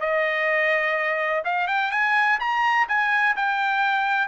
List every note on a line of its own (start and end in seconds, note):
0.00 1.43 D#5
1.45 1.68 F5
1.68 1.91 G5
1.91 2.39 G#5
2.40 2.87 A#5
2.88 3.36 G#5
3.36 4.28 G5